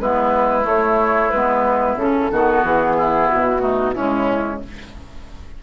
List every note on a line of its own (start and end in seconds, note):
0.00 0.65 G#3
0.00 0.62 B3
0.00 2.31 E4
0.00 0.66 B4
0.62 1.28 A3
0.62 1.31 A3
0.62 1.30 C#5
1.30 1.96 G#3
1.30 2.00 B3
1.30 1.96 B4
1.96 2.29 C#3
1.96 2.33 C#4
1.96 2.64 A4
2.31 2.63 D#3
2.31 3.59 B3
2.31 2.97 F#4
2.63 3.29 E3
2.63 3.28 G#4
2.97 3.62 E4
3.28 3.97 B2
3.28 3.94 F#4
3.59 3.92 A3
3.59 3.95 D#4
3.94 4.63 C#3
3.94 4.63 G#3
3.94 4.61 C#4
3.94 4.60 E4